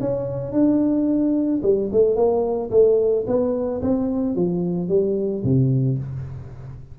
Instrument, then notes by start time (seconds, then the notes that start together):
tuba
0.00 C#4
0.52 D4
1.62 G3
1.92 A3
2.15 A#3
2.70 A3
3.27 B3
3.81 C4
4.35 F3
4.88 G3
5.43 C3